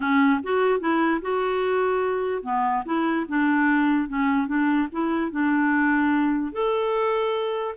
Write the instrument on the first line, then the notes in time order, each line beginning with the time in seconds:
clarinet
0.00 C#4
0.43 F#4
0.80 E4
1.21 F#4
2.42 B3
2.85 E4
3.28 D4
4.08 C#4
4.47 D4
4.91 E4
5.31 D4
6.52 A4